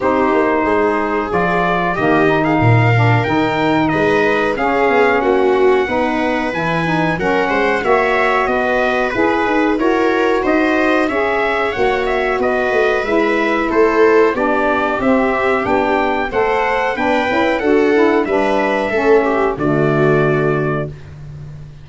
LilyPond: <<
  \new Staff \with { instrumentName = "trumpet" } { \time 4/4 \tempo 4 = 92 c''2 d''4 dis''8. f''16~ | f''4 g''4 dis''4 f''4 | fis''2 gis''4 fis''4 | e''4 dis''4 b'4 cis''4 |
dis''4 e''4 fis''8 e''8 dis''4 | e''4 c''4 d''4 e''4 | g''4 fis''4 g''4 fis''4 | e''2 d''2 | }
  \new Staff \with { instrumentName = "viola" } { \time 4/4 g'4 gis'2 g'8. gis'16 | ais'2 b'4 gis'4 | fis'4 b'2 ais'8 c''8 | cis''4 b'2 ais'4 |
c''4 cis''2 b'4~ | b'4 a'4 g'2~ | g'4 c''4 b'4 a'4 | b'4 a'8 g'8 fis'2 | }
  \new Staff \with { instrumentName = "saxophone" } { \time 4/4 dis'2 f'4 ais8 dis'8~ | dis'8 d'8 dis'2 cis'4~ | cis'4 dis'4 e'8 dis'8 cis'4 | fis'2 gis'4 fis'4~ |
fis'4 gis'4 fis'2 | e'2 d'4 c'4 | d'4 a'4 d'8 e'8 fis'8 e'8 | d'4 cis'4 a2 | }
  \new Staff \with { instrumentName = "tuba" } { \time 4/4 c'8 ais8 gis4 f4 dis4 | ais,4 dis4 gis4 cis'8 b8 | ais4 b4 e4 fis8 gis8 | ais4 b4 e'8 dis'8 e'4 |
dis'4 cis'4 ais4 b8 a8 | gis4 a4 b4 c'4 | b4 a4 b8 cis'8 d'4 | g4 a4 d2 | }
>>